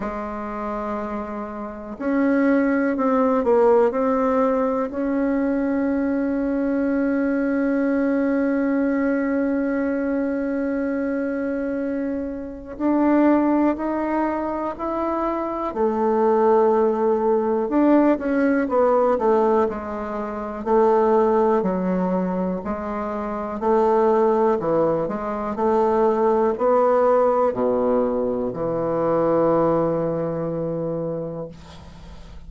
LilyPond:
\new Staff \with { instrumentName = "bassoon" } { \time 4/4 \tempo 4 = 61 gis2 cis'4 c'8 ais8 | c'4 cis'2.~ | cis'1~ | cis'4 d'4 dis'4 e'4 |
a2 d'8 cis'8 b8 a8 | gis4 a4 fis4 gis4 | a4 e8 gis8 a4 b4 | b,4 e2. | }